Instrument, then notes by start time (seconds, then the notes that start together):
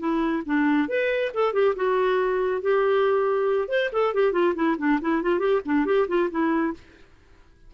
clarinet
0.00 E4
0.46 D4
0.89 B4
1.34 A4
1.54 G4
1.76 F#4
2.62 G4
3.69 C5
3.93 A4
4.15 G4
4.33 F4
4.56 E4
4.79 D4
5.02 E4
5.23 F4
5.40 G4
5.66 D4
5.86 G4
6.08 F4
6.31 E4